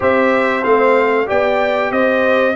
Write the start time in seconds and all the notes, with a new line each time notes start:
0.00 C4 G4 C5 E5
0.62 A3 C4 F5
1.26 B3 G4 D5 G5
1.90 C4 C5 D#5